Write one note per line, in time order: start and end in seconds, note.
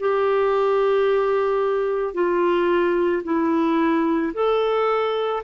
0.00 2.14 G4
2.14 3.23 F4
3.24 4.33 E4
4.34 5.43 A4